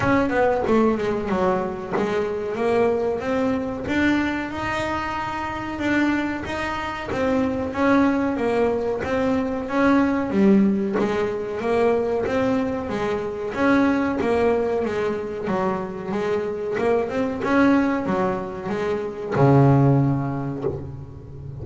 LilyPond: \new Staff \with { instrumentName = "double bass" } { \time 4/4 \tempo 4 = 93 cis'8 b8 a8 gis8 fis4 gis4 | ais4 c'4 d'4 dis'4~ | dis'4 d'4 dis'4 c'4 | cis'4 ais4 c'4 cis'4 |
g4 gis4 ais4 c'4 | gis4 cis'4 ais4 gis4 | fis4 gis4 ais8 c'8 cis'4 | fis4 gis4 cis2 | }